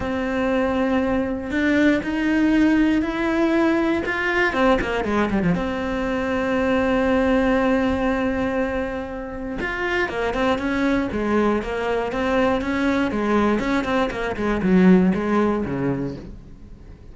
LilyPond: \new Staff \with { instrumentName = "cello" } { \time 4/4 \tempo 4 = 119 c'2. d'4 | dis'2 e'2 | f'4 c'8 ais8 gis8 g16 f16 c'4~ | c'1~ |
c'2. f'4 | ais8 c'8 cis'4 gis4 ais4 | c'4 cis'4 gis4 cis'8 c'8 | ais8 gis8 fis4 gis4 cis4 | }